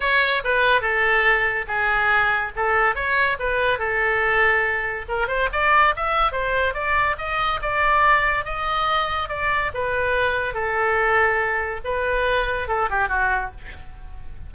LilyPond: \new Staff \with { instrumentName = "oboe" } { \time 4/4 \tempo 4 = 142 cis''4 b'4 a'2 | gis'2 a'4 cis''4 | b'4 a'2. | ais'8 c''8 d''4 e''4 c''4 |
d''4 dis''4 d''2 | dis''2 d''4 b'4~ | b'4 a'2. | b'2 a'8 g'8 fis'4 | }